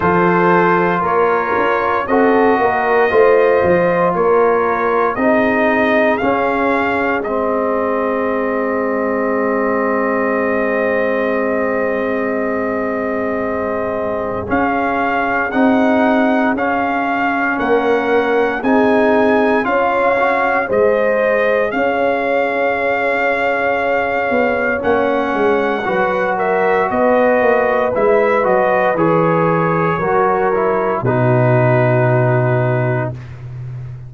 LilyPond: <<
  \new Staff \with { instrumentName = "trumpet" } { \time 4/4 \tempo 4 = 58 c''4 cis''4 dis''2 | cis''4 dis''4 f''4 dis''4~ | dis''1~ | dis''2 f''4 fis''4 |
f''4 fis''4 gis''4 f''4 | dis''4 f''2. | fis''4. e''8 dis''4 e''8 dis''8 | cis''2 b'2 | }
  \new Staff \with { instrumentName = "horn" } { \time 4/4 a'4 ais'4 a'8 ais'8 c''4 | ais'4 gis'2.~ | gis'1~ | gis'1~ |
gis'4 ais'4 gis'4 cis''4 | c''4 cis''2.~ | cis''4 b'8 ais'8 b'2~ | b'4 ais'4 fis'2 | }
  \new Staff \with { instrumentName = "trombone" } { \time 4/4 f'2 fis'4 f'4~ | f'4 dis'4 cis'4 c'4~ | c'1~ | c'2 cis'4 dis'4 |
cis'2 dis'4 f'8 fis'8 | gis'1 | cis'4 fis'2 e'8 fis'8 | gis'4 fis'8 e'8 dis'2 | }
  \new Staff \with { instrumentName = "tuba" } { \time 4/4 f4 ais8 cis'8 c'8 ais8 a8 f8 | ais4 c'4 cis'4 gis4~ | gis1~ | gis2 cis'4 c'4 |
cis'4 ais4 c'4 cis'4 | gis4 cis'2~ cis'8 b8 | ais8 gis8 fis4 b8 ais8 gis8 fis8 | e4 fis4 b,2 | }
>>